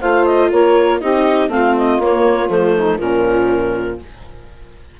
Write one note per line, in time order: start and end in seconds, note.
0.00 0.52 A3
0.00 1.01 F4
0.00 0.50 C5
0.00 0.25 F5
0.25 0.50 D#5
0.52 1.02 A#3
0.52 1.00 A#4
0.52 1.00 C#5
1.00 1.48 C4
1.00 1.49 D#4
1.00 1.50 G4
1.00 1.50 D#5
1.48 1.98 A3
1.48 1.99 C4
1.48 2.75 F4
1.48 1.75 F5
1.77 2.01 D#5
1.99 2.49 A#3
1.99 2.50 A#3
1.99 2.49 C#5
2.49 2.99 F3
2.49 2.99 A3
2.49 2.99 C5
2.75 2.98 D#4
2.98 4.00 A#2
2.98 3.99 F3
2.98 3.98 C#4
2.98 3.99 A#4